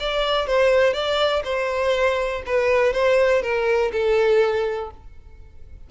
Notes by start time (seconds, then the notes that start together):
0.00 D5
0.47 C5
0.93 D5
1.45 C5
2.46 B4
2.93 C5
3.42 A#4
3.93 A4